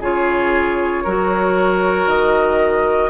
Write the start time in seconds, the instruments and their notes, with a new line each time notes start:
0.00 bassoon C#3, clarinet F4, oboe G#4, flute C#5
1.04 bassoon F#3, clarinet F#4, oboe A#4
2.07 bassoon D#3, flute D#5